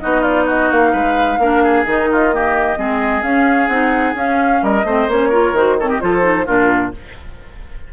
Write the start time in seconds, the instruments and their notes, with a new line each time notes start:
0.00 bassoon B3, clarinet D#4, oboe F#4, flute D#5
0.21 oboe F4, flute D5
0.46 oboe F#4, flute D#5
0.71 bassoon A#3, flute F5
0.92 bassoon G#3, oboe B4
1.38 bassoon A#3, clarinet D4, oboe A#4
1.63 oboe G#4
1.85 bassoon D#3, clarinet D#4, flute D#5
2.12 oboe F4
2.31 clarinet A#3, oboe G4
2.76 bassoon G#3, clarinet C4, oboe G#4
3.22 bassoon C#4, clarinet C#4, flute F5
3.67 bassoon C4, clarinet D#4, flute F#5
4.14 bassoon C#4, clarinet C#4, flute F5
4.62 bassoon G3, oboe A#4, flute D#5
4.84 bassoon A3, clarinet C4, oboe C5
5.08 bassoon A#3, clarinet C#4, flute C#5
5.29 clarinet F4, oboe A#4
5.52 bassoon D#3, clarinet F#4, flute C5
5.79 clarinet C4, oboe A4, flute C#5
5.88 oboe G4, flute D#5
6.00 bassoon F3, clarinet F4, oboe A4, flute C5
6.21 clarinet D#4
6.46 bassoon A#2, clarinet D4, oboe F4, flute A#4